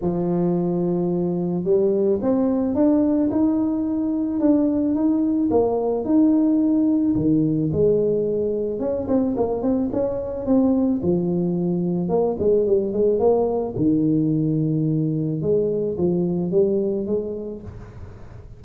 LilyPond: \new Staff \with { instrumentName = "tuba" } { \time 4/4 \tempo 4 = 109 f2. g4 | c'4 d'4 dis'2 | d'4 dis'4 ais4 dis'4~ | dis'4 dis4 gis2 |
cis'8 c'8 ais8 c'8 cis'4 c'4 | f2 ais8 gis8 g8 gis8 | ais4 dis2. | gis4 f4 g4 gis4 | }